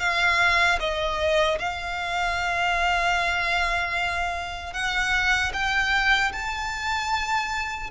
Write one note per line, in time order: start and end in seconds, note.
0.00 0.79 F5
0.80 1.59 D#5
1.59 4.73 F5
4.73 5.52 F#5
5.53 6.32 G5
6.33 7.91 A5